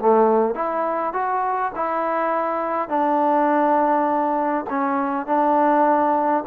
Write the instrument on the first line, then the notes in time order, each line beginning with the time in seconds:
trombone
0.00 A3
0.55 E4
1.13 F#4
1.76 E4
2.89 D4
4.70 C#4
5.27 D4